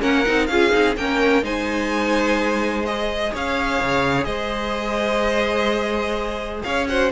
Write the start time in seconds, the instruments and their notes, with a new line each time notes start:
0.00 cello A#3, viola C#4, violin A#4 F#5
0.25 cello C4, viola D#4
0.46 cello C#4, viola F4, violin G#4 F5
0.70 cello C4, viola D#4
0.96 cello A#3, viola C#4, violin A#4 G5
1.42 cello G#3, viola D#4, violin C5 G#5
2.85 viola G#4, violin D#5
3.32 cello C#4, violin C#5 F5
3.81 cello C#3
4.24 cello G#3, violin C5 D#5
6.63 cello C#4, violin C#5 F5
6.88 viola F#4, violin C5 F#5